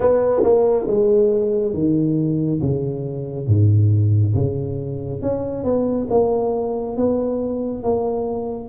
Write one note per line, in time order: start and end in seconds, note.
0.00 0.43 B3
0.43 0.87 A#3
0.87 1.74 G#3
1.74 2.60 D#3
2.61 3.47 C#3
3.47 4.34 G#2
4.34 5.21 C#3
5.21 5.64 C#4
5.64 6.07 B3
6.10 6.96 A#3
6.96 7.83 B3
7.83 8.68 A#3